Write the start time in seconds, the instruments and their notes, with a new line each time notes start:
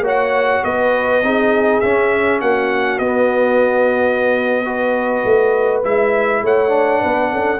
0.00 tuba A#3, trombone F#4, horn C#5
0.07 trumpet F#5
0.63 tuba B3, horn B4, trumpet D#5
1.23 tuba C4, trombone D#4, horn G#4
1.80 tuba C#4, trombone C#4, trumpet E5
2.41 tuba A#3, horn F#4, trumpet F#5
2.98 tuba B3, trombone B3, trumpet D#5
4.65 trombone F#4, horn B4
5.24 tuba A3
5.83 tuba G#3, trombone E4, trumpet E5
6.42 tuba A3, horn C#5, trumpet F#5
6.68 trombone D4
7.01 tuba B3, horn B4
7.31 tuba C#4, horn A4